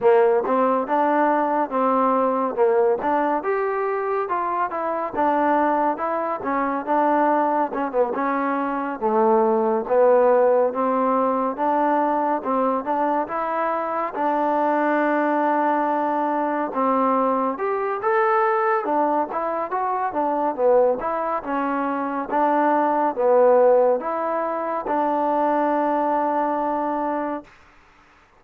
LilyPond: \new Staff \with { instrumentName = "trombone" } { \time 4/4 \tempo 4 = 70 ais8 c'8 d'4 c'4 ais8 d'8 | g'4 f'8 e'8 d'4 e'8 cis'8 | d'4 cis'16 b16 cis'4 a4 b8~ | b8 c'4 d'4 c'8 d'8 e'8~ |
e'8 d'2. c'8~ | c'8 g'8 a'4 d'8 e'8 fis'8 d'8 | b8 e'8 cis'4 d'4 b4 | e'4 d'2. | }